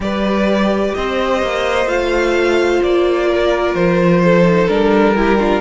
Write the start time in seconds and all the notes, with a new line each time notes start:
0.00 G3 G4 B4 D5
0.95 C4 C5 D#5
1.42 A#3
1.85 A3 F4 F5
2.82 A#3 D5
3.28 A#4
3.74 F3 C5
4.24 A4
4.43 D#4
4.68 G3 D4 A#4
5.15 E4 G4
5.38 D4 F4